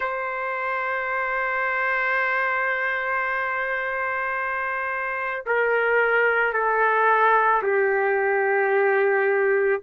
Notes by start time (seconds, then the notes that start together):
0.00 C5
5.45 A#4
6.53 A4
7.63 G4